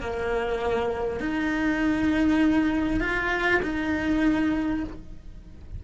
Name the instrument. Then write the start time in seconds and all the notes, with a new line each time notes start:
cello
0.00 A#3
1.20 D#4
3.00 F4
3.62 D#4